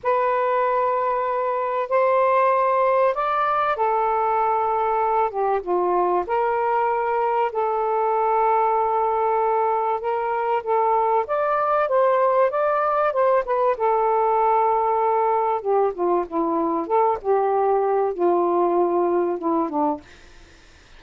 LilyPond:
\new Staff \with { instrumentName = "saxophone" } { \time 4/4 \tempo 4 = 96 b'2. c''4~ | c''4 d''4 a'2~ | a'8 g'8 f'4 ais'2 | a'1 |
ais'4 a'4 d''4 c''4 | d''4 c''8 b'8 a'2~ | a'4 g'8 f'8 e'4 a'8 g'8~ | g'4 f'2 e'8 d'8 | }